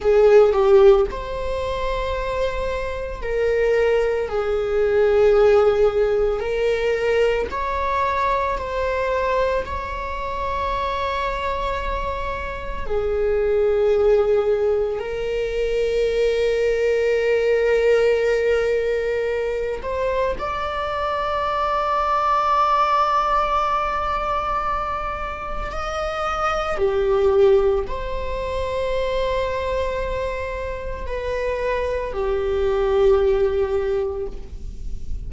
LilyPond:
\new Staff \with { instrumentName = "viola" } { \time 4/4 \tempo 4 = 56 gis'8 g'8 c''2 ais'4 | gis'2 ais'4 cis''4 | c''4 cis''2. | gis'2 ais'2~ |
ais'2~ ais'8 c''8 d''4~ | d''1 | dis''4 g'4 c''2~ | c''4 b'4 g'2 | }